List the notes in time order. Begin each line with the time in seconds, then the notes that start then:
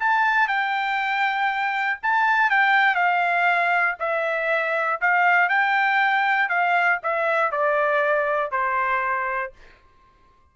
0.00 A5
0.48 G5
2.03 A5
2.50 G5
2.95 F5
4.00 E5
5.01 F5
5.49 G5
6.49 F5
7.03 E5
7.52 D5
8.52 C5